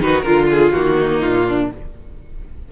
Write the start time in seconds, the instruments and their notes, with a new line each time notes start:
0.00 cello D#3, viola D#4, violin F#4 B4
0.22 cello D3, violin F4 A#4, viola F4
0.51 violin G#4
0.73 cello D#3, viola A#3, violin F#4
0.99 violin D#4
1.21 cello A#2, violin F4
1.48 violin D4